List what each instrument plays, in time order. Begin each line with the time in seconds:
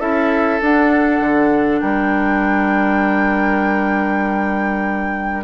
0.00 bassoon C#4, clarinet E4, oboe A4, flute E5
0.62 bassoon D4, clarinet D4, flute F#5
1.21 bassoon D3
1.81 bassoon G3, oboe A#4, flute G5